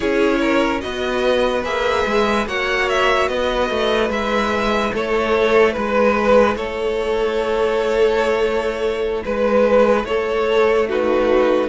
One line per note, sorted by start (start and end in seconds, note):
0.00 0.83 C#4
0.00 0.80 E4
0.00 0.37 G#4
0.00 0.80 C#5
0.40 0.81 A#4
0.80 1.64 B3
0.80 1.63 F#4
0.80 2.47 B4
0.80 1.62 D#5
1.64 2.05 A#3
1.64 2.46 G#4
1.64 2.47 E5
2.05 2.46 G#3
2.46 3.28 A#3
2.46 4.11 F#4
2.46 3.29 C#5
2.46 2.89 F#5
2.89 3.28 E5
3.28 3.70 B3
3.28 4.94 B4
3.28 4.10 D#5
3.70 4.09 A3
4.09 4.91 G#3
4.09 10.89 E4
4.09 4.93 E5
4.93 5.76 A3
4.93 5.76 A4
4.93 5.72 C#5
5.72 6.56 G#3
5.72 6.54 B4
5.72 6.56 B4
6.56 9.23 A3
6.56 9.23 A4
6.56 9.23 C#5
9.24 10.04 G#3
9.24 10.07 B4
9.24 10.05 B4
10.04 11.68 A3
10.04 10.89 A4
10.04 10.87 C#5
10.89 11.68 D#4
10.89 11.68 F#4
10.89 11.68 B4